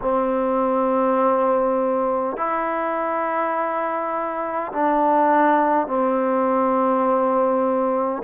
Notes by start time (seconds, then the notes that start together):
0.01 C4
2.36 E4
4.73 D4
5.87 C4